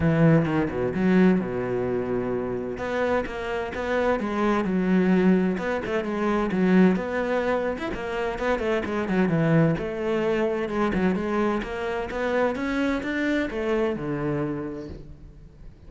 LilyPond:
\new Staff \with { instrumentName = "cello" } { \time 4/4 \tempo 4 = 129 e4 dis8 b,8 fis4 b,4~ | b,2 b4 ais4 | b4 gis4 fis2 | b8 a8 gis4 fis4 b4~ |
b8. e'16 ais4 b8 a8 gis8 fis8 | e4 a2 gis8 fis8 | gis4 ais4 b4 cis'4 | d'4 a4 d2 | }